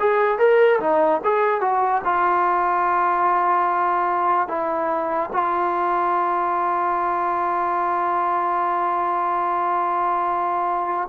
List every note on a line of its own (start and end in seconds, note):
0.00 0.39 G#4
0.39 0.80 A#4
0.80 1.21 D#4
1.24 1.61 G#4
1.61 2.02 F#4
2.05 4.48 F4
4.48 5.31 E4
5.33 11.08 F4